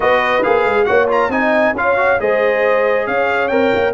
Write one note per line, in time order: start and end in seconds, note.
0.00 0.43 B3
0.00 0.42 F#4
0.00 0.86 B4
0.00 0.43 D#5
0.43 0.64 A#3
0.43 0.85 G#4
0.43 0.84 F5
0.64 0.86 G#3
0.84 1.28 A#3
0.84 1.07 F#4
0.84 1.30 C#5
0.84 1.06 F#5
1.08 1.30 F4
1.08 1.31 A#5
1.28 1.72 C4
1.28 1.75 D#4
1.28 1.75 D#5
1.28 1.74 G#5
1.72 2.16 C#4
1.72 1.96 F4
1.72 2.20 C#5
1.72 2.20 F5
1.96 2.18 F#4
2.19 3.07 G#3
2.19 3.50 G#4
2.19 3.06 C5
2.19 3.06 D#5
3.06 3.51 C#4
3.06 3.93 C#5
3.06 3.48 F5
3.48 3.72 C4
3.48 3.93 A#4
3.48 3.91 G5
3.74 3.93 A#3